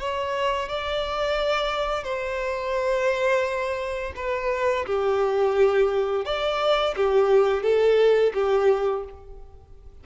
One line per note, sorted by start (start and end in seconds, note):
0.00 0.69 C#5
0.69 2.04 D5
2.04 4.13 C5
4.16 4.86 B4
4.86 6.25 G4
6.25 6.95 D5
6.97 7.63 G4
7.63 8.33 A4
8.34 9.04 G4